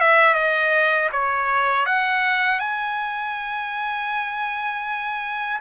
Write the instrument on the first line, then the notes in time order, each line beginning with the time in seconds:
trumpet
0.00 E5
0.34 D#5
1.12 C#5
1.86 F#5
2.59 G#5